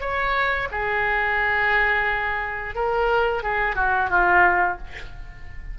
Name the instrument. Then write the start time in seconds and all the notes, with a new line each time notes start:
oboe
0.00 C#5
0.72 G#4
2.75 A#4
3.43 G#4
3.76 F#4
4.10 F4